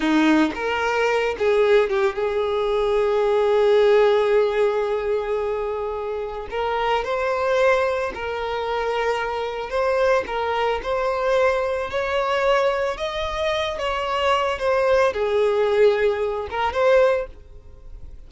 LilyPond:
\new Staff \with { instrumentName = "violin" } { \time 4/4 \tempo 4 = 111 dis'4 ais'4. gis'4 g'8 | gis'1~ | gis'1 | ais'4 c''2 ais'4~ |
ais'2 c''4 ais'4 | c''2 cis''2 | dis''4. cis''4. c''4 | gis'2~ gis'8 ais'8 c''4 | }